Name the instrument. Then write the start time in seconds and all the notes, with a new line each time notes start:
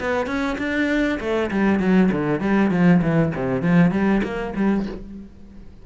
cello
0.00 B3
0.26 C#4
0.58 D4
1.20 A3
1.51 G3
1.79 F#3
2.11 D3
2.40 G3
2.71 F3
3.02 E3
3.35 C3
3.62 F3
3.91 G3
4.23 A#3
4.56 G3